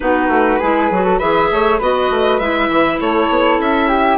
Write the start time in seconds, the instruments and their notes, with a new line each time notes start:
0.00 bassoon B3, clarinet D#4, flute F#4, violin B4
0.28 bassoon A3
0.59 bassoon G#3, clarinet E4, flute G#4
0.90 bassoon F#3, clarinet F#4
1.04 flute A4
1.18 bassoon E3, clarinet G#4, flute B4, violin E5
1.51 bassoon A3, flute C#5
1.78 bassoon B3, clarinet F#4, flute B4, violin D#5
2.10 bassoon A3
2.39 bassoon G#3, clarinet E4, violin E5
2.69 bassoon E3
3.00 bassoon A3, flute A4, violin C#5
3.29 bassoon B3
3.58 bassoon C#4, violin E5
3.88 flute G4